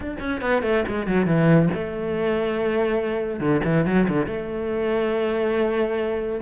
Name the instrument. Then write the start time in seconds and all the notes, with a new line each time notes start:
cello
0.00 D4
0.19 C#4
0.41 B3
0.62 A3
0.87 G#3
1.06 F#3
1.26 E3
1.74 A3
3.40 D3
3.64 E3
3.85 F#3
4.08 D3
4.26 A3